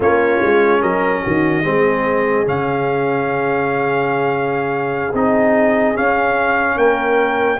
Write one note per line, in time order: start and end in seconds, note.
0.00 0.41 A#3
0.00 1.63 C#4
0.00 0.80 F4
0.00 0.82 C#5
0.42 0.82 G#3
0.80 1.23 F#3
0.80 1.22 A#4
0.80 2.46 D#5
1.23 1.64 D#3
1.23 1.64 F#4
1.63 2.46 G#3
1.63 2.45 C4
1.63 6.77 G#4
2.45 5.13 C#3
2.45 5.12 C#4
2.45 5.15 F5
5.13 5.95 C4
5.13 5.94 D#4
5.13 5.96 D#5
5.94 7.59 C#4
5.94 6.76 C#4
5.94 6.78 F5
6.76 7.58 A#3
6.76 7.59 A#4
6.76 7.59 G5